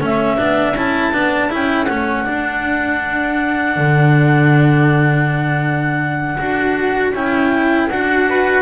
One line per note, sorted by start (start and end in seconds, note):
0.00 0.38 A3
0.00 0.37 C#4
0.00 8.25 A4
0.00 0.77 E5
0.37 0.74 B3
0.37 0.75 D4
0.74 1.11 C#4
0.74 1.13 E4
0.74 1.52 A5
1.12 1.50 B3
1.12 1.49 D4
1.49 1.89 C#4
1.49 1.87 E4
1.49 1.84 G5
1.84 2.27 A3
1.84 2.24 C#4
1.84 7.09 F#5
2.24 6.37 D4
2.24 3.76 D4
3.76 6.39 D3
6.39 7.12 D4
6.39 7.14 F#4
7.12 7.87 C#4
7.12 7.90 E4
7.12 7.89 G5
7.89 8.62 D4
7.89 8.62 F#4
7.89 8.62 F#5
8.29 8.62 B4